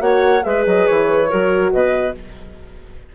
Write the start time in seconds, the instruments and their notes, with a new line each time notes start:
0.00 bassoon A#3, horn F#4, clarinet C#5, flute F#5
0.43 bassoon G#3, horn G#4, clarinet B4, flute E5
0.66 bassoon F#3, flute D#5
0.87 bassoon E3, flute C#5
1.29 bassoon F#3, horn F#4, clarinet A#4
1.73 bassoon B2, clarinet B4, flute D#5